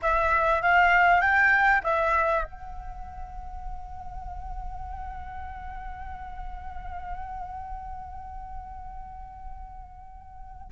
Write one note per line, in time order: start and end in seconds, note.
0.02 0.62 E5
0.62 1.21 F5
1.21 1.82 G5
1.83 2.44 E5
2.44 10.70 F#5